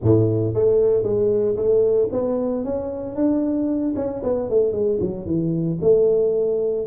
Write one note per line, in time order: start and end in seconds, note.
0.02 0.54 A2
0.54 1.03 A3
1.03 1.56 G#3
1.56 2.09 A3
2.12 2.64 B3
2.64 3.15 C#4
3.15 3.94 D4
3.96 4.22 C#4
4.23 4.49 B3
4.49 4.72 A3
4.72 4.98 G#3
5.00 5.25 F#3
5.25 5.78 E3
5.81 6.86 A3